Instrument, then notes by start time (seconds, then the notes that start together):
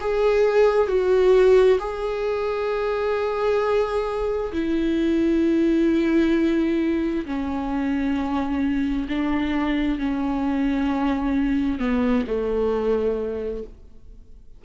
viola
0.00 G#4
0.88 F#4
1.79 G#4
4.52 E4
7.26 C#4
9.09 D4
9.99 C#4
11.79 B3
12.27 A3